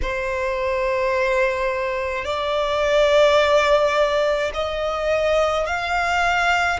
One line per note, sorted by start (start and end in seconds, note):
0.02 2.24 C5
2.24 4.51 D5
4.54 5.66 D#5
5.66 6.79 F5